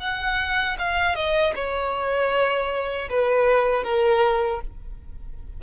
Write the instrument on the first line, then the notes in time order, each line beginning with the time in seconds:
violin
0.00 F#5
0.79 F5
1.15 D#5
1.55 C#5
3.09 B4
3.84 A#4